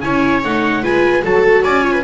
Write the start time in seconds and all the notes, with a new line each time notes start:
0.00 C#4 E4 C#5 G#5
0.44 A3 D#4 F#5
0.82 G#3 F4 B4 G#5
1.22 F#3 F#4 A4 A5
1.64 C#4 D5 G#5
1.82 F4 C#5
1.92 B4